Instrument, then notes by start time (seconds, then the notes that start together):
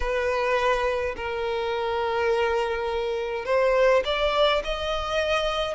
violin
0.00 B4
1.16 A#4
3.45 C5
4.04 D5
4.64 D#5